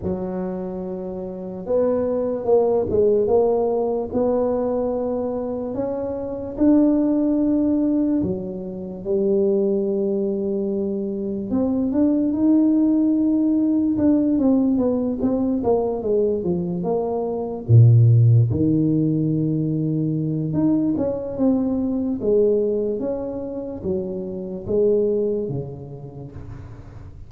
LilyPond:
\new Staff \with { instrumentName = "tuba" } { \time 4/4 \tempo 4 = 73 fis2 b4 ais8 gis8 | ais4 b2 cis'4 | d'2 fis4 g4~ | g2 c'8 d'8 dis'4~ |
dis'4 d'8 c'8 b8 c'8 ais8 gis8 | f8 ais4 ais,4 dis4.~ | dis4 dis'8 cis'8 c'4 gis4 | cis'4 fis4 gis4 cis4 | }